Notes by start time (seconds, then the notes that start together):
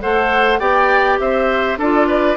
0.00 A3 A4 C5 F#5
0.59 B3 G4 D5 G5
1.19 C4 C5 E5
1.77 D4 F4 A4 D5
2.07 B4